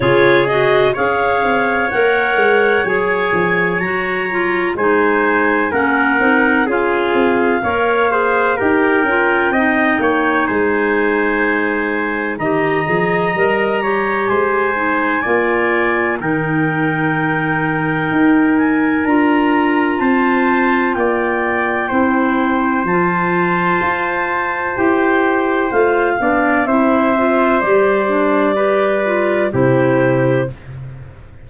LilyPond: <<
  \new Staff \with { instrumentName = "clarinet" } { \time 4/4 \tempo 4 = 63 cis''8 dis''8 f''4 fis''4 gis''4 | ais''4 gis''4 fis''4 f''4~ | f''4 g''2 gis''4~ | gis''4 ais''2 gis''4~ |
gis''4 g''2~ g''8 gis''8 | ais''4 a''4 g''2 | a''2 g''4 f''4 | e''4 d''2 c''4 | }
  \new Staff \with { instrumentName = "trumpet" } { \time 4/4 gis'4 cis''2.~ | cis''4 c''4 ais'4 gis'4 | cis''8 c''8 ais'4 dis''8 cis''8 c''4~ | c''4 dis''4. cis''8 c''4 |
d''4 ais'2.~ | ais'4 c''4 d''4 c''4~ | c''2.~ c''8 d''8 | c''2 b'4 g'4 | }
  \new Staff \with { instrumentName = "clarinet" } { \time 4/4 f'8 fis'8 gis'4 ais'4 gis'4 | fis'8 f'8 dis'4 cis'8 dis'8 f'4 | ais'8 gis'8 g'8 f'8 dis'2~ | dis'4 g'8 gis'8 ais'8 g'4 dis'8 |
f'4 dis'2. | f'2. e'4 | f'2 g'4 f'8 d'8 | e'8 f'8 g'8 d'8 g'8 f'8 e'4 | }
  \new Staff \with { instrumentName = "tuba" } { \time 4/4 cis4 cis'8 c'8 ais8 gis8 fis8 f8 | fis4 gis4 ais8 c'8 cis'8 c'8 | ais4 dis'8 cis'8 c'8 ais8 gis4~ | gis4 dis8 f8 g4 gis4 |
ais4 dis2 dis'4 | d'4 c'4 ais4 c'4 | f4 f'4 e'4 a8 b8 | c'4 g2 c4 | }
>>